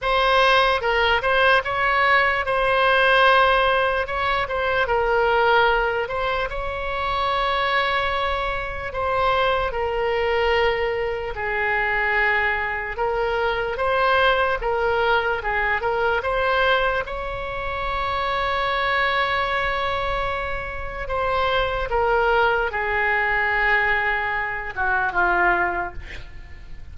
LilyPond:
\new Staff \with { instrumentName = "oboe" } { \time 4/4 \tempo 4 = 74 c''4 ais'8 c''8 cis''4 c''4~ | c''4 cis''8 c''8 ais'4. c''8 | cis''2. c''4 | ais'2 gis'2 |
ais'4 c''4 ais'4 gis'8 ais'8 | c''4 cis''2.~ | cis''2 c''4 ais'4 | gis'2~ gis'8 fis'8 f'4 | }